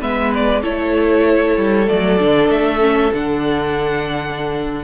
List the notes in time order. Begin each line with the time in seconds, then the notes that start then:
0.00 G#3 B3 B4 E5
0.34 D5
0.62 A3 E4 A4 C#5
1.57 G3
1.87 F#3 A3 D5
2.19 D3 D4
2.49 A3 E5
2.80 C#4
3.13 D3 D4 F#5